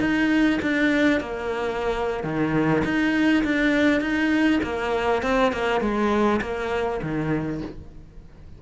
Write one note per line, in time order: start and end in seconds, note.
0.00 0.59 D#4
0.62 1.20 D4
1.20 2.23 A#3
2.23 2.83 D#3
2.84 3.43 D#4
3.44 4.00 D4
4.00 4.60 D#4
4.63 5.23 A#3
5.23 5.52 C4
5.52 5.81 A#3
5.81 6.40 G#3
6.41 7.00 A#3
7.02 7.61 D#3